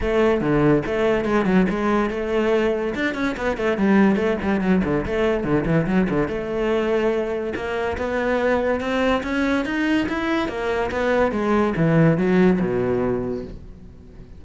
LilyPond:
\new Staff \with { instrumentName = "cello" } { \time 4/4 \tempo 4 = 143 a4 d4 a4 gis8 fis8 | gis4 a2 d'8 cis'8 | b8 a8 g4 a8 g8 fis8 d8 | a4 d8 e8 fis8 d8 a4~ |
a2 ais4 b4~ | b4 c'4 cis'4 dis'4 | e'4 ais4 b4 gis4 | e4 fis4 b,2 | }